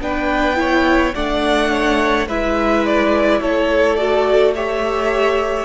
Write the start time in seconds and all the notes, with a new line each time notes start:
0.00 B3 D4 B4 G5
0.55 E4 C#5
1.15 A3 D4 D5 F#5
1.71 C#5
2.27 G#3 E4 B4 E5
2.86 D5
3.41 A3 A4 C#5
3.96 F#4 D5
4.54 G4 C#5 E5